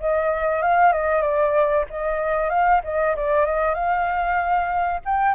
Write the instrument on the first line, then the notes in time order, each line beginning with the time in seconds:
flute
0.00 D#5
0.62 F5
0.92 D#5
1.22 D5
1.90 D#5
2.50 F5
2.84 D#5
3.16 D5
3.46 D#5
3.74 F5
5.05 G5